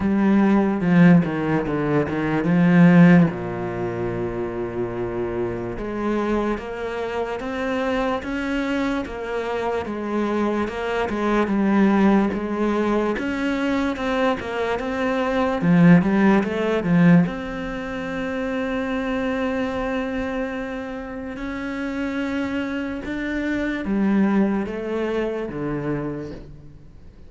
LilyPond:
\new Staff \with { instrumentName = "cello" } { \time 4/4 \tempo 4 = 73 g4 f8 dis8 d8 dis8 f4 | ais,2. gis4 | ais4 c'4 cis'4 ais4 | gis4 ais8 gis8 g4 gis4 |
cis'4 c'8 ais8 c'4 f8 g8 | a8 f8 c'2.~ | c'2 cis'2 | d'4 g4 a4 d4 | }